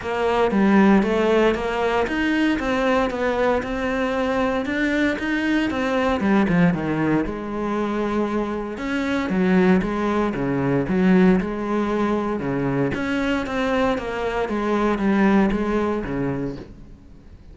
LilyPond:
\new Staff \with { instrumentName = "cello" } { \time 4/4 \tempo 4 = 116 ais4 g4 a4 ais4 | dis'4 c'4 b4 c'4~ | c'4 d'4 dis'4 c'4 | g8 f8 dis4 gis2~ |
gis4 cis'4 fis4 gis4 | cis4 fis4 gis2 | cis4 cis'4 c'4 ais4 | gis4 g4 gis4 cis4 | }